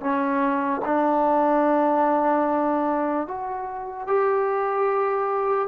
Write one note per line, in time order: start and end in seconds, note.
0.00 0.81 C#4
0.85 3.27 D4
3.27 4.07 F#4
4.07 5.68 G4